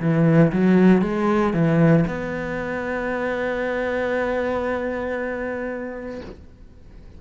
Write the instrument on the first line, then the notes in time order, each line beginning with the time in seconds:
cello
0.00 E3
0.52 F#3
1.02 G#3
1.53 E3
2.07 B3